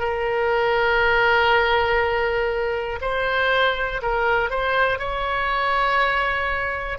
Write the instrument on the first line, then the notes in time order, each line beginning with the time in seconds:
oboe
0.00 A#4
3.01 C5
4.02 A#4
4.50 C5
4.99 C#5